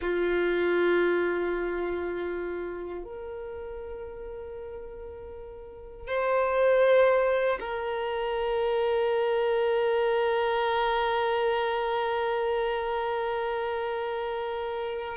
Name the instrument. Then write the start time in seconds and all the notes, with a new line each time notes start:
violin
0.01 F4
3.03 A#4
6.07 C5
7.59 A#4